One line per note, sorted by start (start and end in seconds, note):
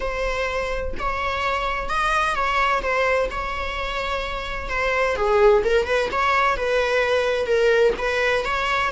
0.00 0.94 C5
0.98 1.89 C#5
1.89 2.35 D#5
2.35 2.82 C#5
2.82 3.29 C5
3.30 4.69 C#5
4.69 5.16 C5
5.16 5.62 G#4
5.64 5.86 A#4
5.86 6.09 B4
6.11 6.56 C#5
6.56 7.46 B4
7.46 7.93 A#4
7.98 8.44 B4
8.44 8.91 C#5